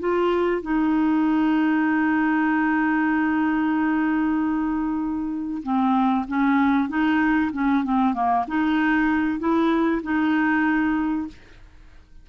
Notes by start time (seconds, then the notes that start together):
0.00 F4
0.62 D#4
5.63 C4
6.28 C#4
6.89 D#4
7.53 C#4
7.84 C4
8.14 A#3
8.48 D#4
9.39 E4
10.03 D#4